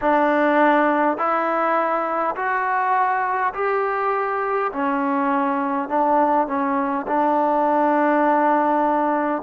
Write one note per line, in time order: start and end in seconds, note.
0.01 1.17 D4
1.17 2.35 E4
2.35 3.53 F#4
3.53 4.71 G4
4.72 5.88 C#4
5.88 6.47 D4
6.47 7.06 C#4
7.07 9.42 D4